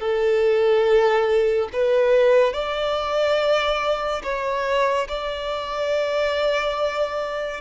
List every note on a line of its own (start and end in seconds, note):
0.00 1.69 A4
1.73 2.53 B4
2.53 4.22 D5
4.23 5.08 C#5
5.09 7.61 D5